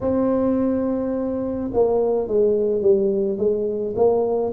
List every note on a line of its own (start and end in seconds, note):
0.01 1.70 C4
1.73 2.27 A#3
2.27 2.81 G#3
2.81 3.37 G3
3.37 3.94 G#3
3.96 4.52 A#3